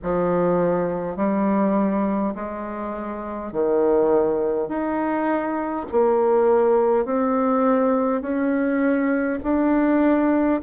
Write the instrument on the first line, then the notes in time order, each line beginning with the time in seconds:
bassoon
0.02 F3
1.16 G3
2.35 G#3
3.52 D#3
4.68 D#4
5.91 A#3
7.05 C4
8.21 C#4
9.43 D4